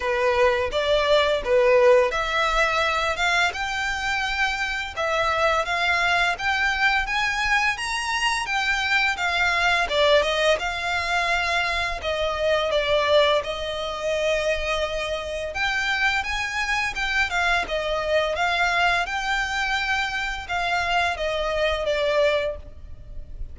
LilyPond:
\new Staff \with { instrumentName = "violin" } { \time 4/4 \tempo 4 = 85 b'4 d''4 b'4 e''4~ | e''8 f''8 g''2 e''4 | f''4 g''4 gis''4 ais''4 | g''4 f''4 d''8 dis''8 f''4~ |
f''4 dis''4 d''4 dis''4~ | dis''2 g''4 gis''4 | g''8 f''8 dis''4 f''4 g''4~ | g''4 f''4 dis''4 d''4 | }